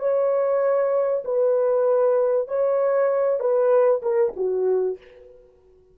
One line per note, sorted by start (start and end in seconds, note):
0.00 1.24 C#5
1.25 2.48 B4
2.48 3.40 C#5
3.40 4.02 B4
4.02 4.33 A#4
4.36 4.98 F#4